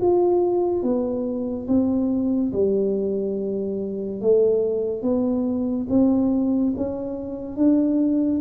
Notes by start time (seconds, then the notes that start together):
0.00 F4
0.82 B3
1.67 C4
2.52 G3
4.21 A3
5.02 B3
5.89 C4
6.76 C#4
7.56 D4